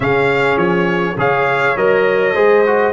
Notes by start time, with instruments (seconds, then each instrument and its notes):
0.00 tuba C#3, trombone C#4, horn G#4, trumpet F5
0.56 tuba F3, trumpet C#5
1.16 tuba C#3, trombone G#4, horn C#5, trumpet F5
1.76 tuba F#3, trombone A#4, trumpet D#5
2.34 tuba G#3, trombone G#4, horn C5
2.66 trombone F#4